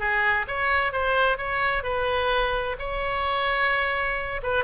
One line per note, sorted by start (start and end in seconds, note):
0.00 0.47 G#4
0.48 0.93 C#5
0.93 1.38 C5
1.38 1.84 C#5
1.84 2.77 B4
2.79 4.42 C#5
4.43 4.65 B4